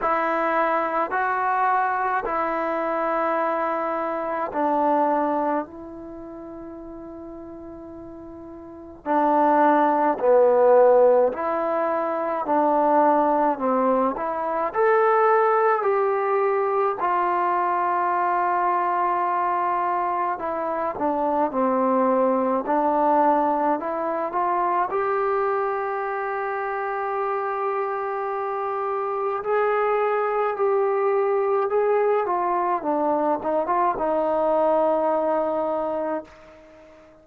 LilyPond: \new Staff \with { instrumentName = "trombone" } { \time 4/4 \tempo 4 = 53 e'4 fis'4 e'2 | d'4 e'2. | d'4 b4 e'4 d'4 | c'8 e'8 a'4 g'4 f'4~ |
f'2 e'8 d'8 c'4 | d'4 e'8 f'8 g'2~ | g'2 gis'4 g'4 | gis'8 f'8 d'8 dis'16 f'16 dis'2 | }